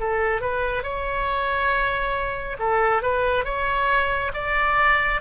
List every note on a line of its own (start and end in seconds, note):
0.00 0.42 A4
0.42 0.83 B4
0.83 2.57 C#5
2.59 3.02 A4
3.02 3.45 B4
3.45 4.32 C#5
4.34 5.21 D5